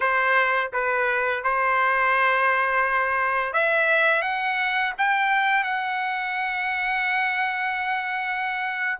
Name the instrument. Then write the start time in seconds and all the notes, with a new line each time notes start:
trumpet
0.00 C5
0.73 B4
1.43 C5
3.53 E5
4.22 F#5
4.98 G5
5.63 F#5